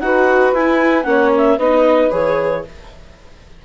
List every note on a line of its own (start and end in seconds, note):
0.00 0.53 D#4
0.00 0.55 F#4
0.00 1.06 B4
0.00 0.53 F#5
0.53 1.06 E4
0.53 1.05 E4
0.53 1.03 G#5
1.03 1.59 A#3
1.03 1.58 C#4
1.03 1.57 C#5
1.03 1.30 F#5
1.38 1.59 E5
1.57 2.12 B3
1.57 2.11 D#4
1.57 2.63 B4
1.57 2.12 D#5
2.11 2.65 E3
2.11 2.64 G#4
2.11 2.65 C#5